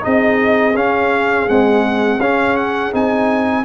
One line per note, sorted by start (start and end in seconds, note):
0.00 0.74 C4
0.00 0.72 D#4
0.00 3.64 G#4
0.00 0.76 D#5
0.74 1.47 C#4
0.74 1.48 F5
1.47 2.19 G#3
1.47 2.19 C4
1.47 2.20 F#5
2.19 2.91 C#4
2.19 2.92 C#4
2.19 2.56 F5
2.56 2.92 F#5
2.92 3.64 C4
2.92 3.64 D#4
2.92 3.64 G#5